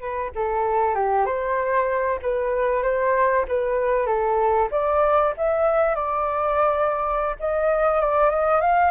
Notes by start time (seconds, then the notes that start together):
0.00 B4
0.35 A4
0.95 G4
1.26 C5
2.22 B4
2.83 C5
3.48 B4
4.07 A4
4.72 D5
5.38 E5
5.95 D5
7.40 D#5
8.01 D5
8.30 D#5
8.61 F5